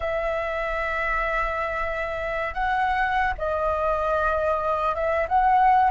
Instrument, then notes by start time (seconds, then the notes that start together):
flute
0.00 E5
2.54 F#5
3.38 D#5
4.95 E5
5.28 F#5